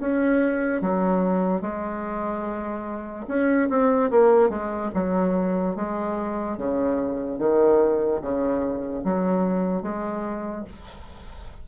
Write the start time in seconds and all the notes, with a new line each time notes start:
0.00 C#4
0.82 F#3
1.61 G#3
3.28 C#4
3.69 C4
4.11 A#3
4.49 G#3
4.94 F#3
5.76 G#3
6.58 C#3
7.39 D#3
8.22 C#3
9.04 F#3
9.82 G#3